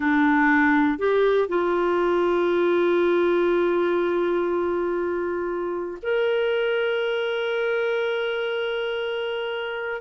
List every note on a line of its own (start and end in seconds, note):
0.00 0.98 D4
0.98 1.48 G4
1.48 5.98 F4
6.02 10.01 A#4